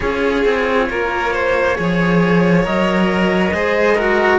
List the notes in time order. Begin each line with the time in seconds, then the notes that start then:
0.00 C#4 F4 G#4 C#5
0.44 C4
0.89 A#3 A#4
1.33 C5
1.75 F3 G#4 C#5
2.63 F#3 A#4 D#5
3.51 G#3 G#4 C5
3.95 F#4 A#4